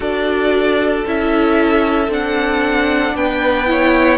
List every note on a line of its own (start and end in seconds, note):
0.00 1.04 D4
0.00 1.04 F#4
0.00 3.16 A4
0.00 1.06 D5
1.06 2.08 C#4
1.06 2.09 E4
1.06 2.12 E5
2.08 3.13 C4
2.08 3.66 D4
2.08 3.16 F#5
3.14 4.18 B3
3.14 3.69 B4
3.14 4.18 G5
3.66 4.18 E4
3.66 4.18 C#5